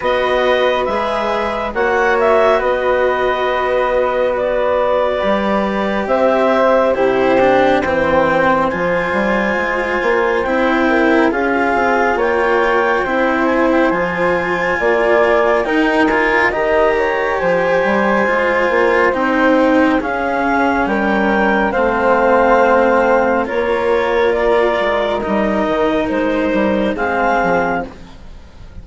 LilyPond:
<<
  \new Staff \with { instrumentName = "clarinet" } { \time 4/4 \tempo 4 = 69 dis''4 e''4 fis''8 e''8 dis''4~ | dis''4 d''2 e''4 | c''4 g''4 gis''2 | g''4 f''4 g''4. gis''16 g''16 |
gis''2 g''8 gis''8 ais''4 | gis''2 g''4 f''4 | g''4 f''2 cis''4 | d''4 dis''4 c''4 f''4 | }
  \new Staff \with { instrumentName = "flute" } { \time 4/4 b'2 cis''4 b'4~ | b'2. c''4 | g'4 c''2.~ | c''8 ais'8 gis'4 cis''4 c''4~ |
c''4 d''4 ais'4 dis''8 cis''8 | c''2. gis'4 | ais'4 c''2 ais'4~ | ais'2. gis'4 | }
  \new Staff \with { instrumentName = "cello" } { \time 4/4 fis'4 gis'4 fis'2~ | fis'2 g'2 | e'8 d'8 c'4 f'2 | e'4 f'2 e'4 |
f'2 dis'8 f'8 g'4~ | g'4 f'4 dis'4 cis'4~ | cis'4 c'2 f'4~ | f'4 dis'2 c'4 | }
  \new Staff \with { instrumentName = "bassoon" } { \time 4/4 b4 gis4 ais4 b4~ | b2 g4 c'4 | c4 e4 f8 g8 gis8 ais8 | c'4 cis'8 c'8 ais4 c'4 |
f4 ais4 dis'4 dis4 | f8 g8 gis8 ais8 c'4 cis'4 | g4 a2 ais4~ | ais8 gis8 g8 dis8 gis8 g8 gis8 f8 | }
>>